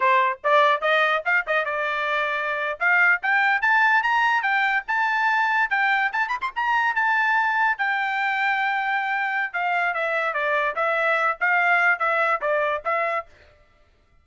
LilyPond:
\new Staff \with { instrumentName = "trumpet" } { \time 4/4 \tempo 4 = 145 c''4 d''4 dis''4 f''8 dis''8 | d''2~ d''8. f''4 g''16~ | g''8. a''4 ais''4 g''4 a''16~ | a''4.~ a''16 g''4 a''8 b''16 c'''16 ais''16~ |
ais''8. a''2 g''4~ g''16~ | g''2. f''4 | e''4 d''4 e''4. f''8~ | f''4 e''4 d''4 e''4 | }